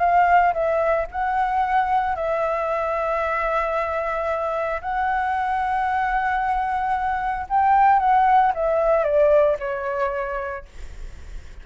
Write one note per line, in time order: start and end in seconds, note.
0.00 0.53 F5
0.54 1.07 E5
1.12 2.16 F#5
2.16 4.81 E5
4.81 7.47 F#5
7.49 7.99 G5
7.99 8.52 F#5
8.55 9.04 E5
9.04 9.57 D5
9.59 10.66 C#5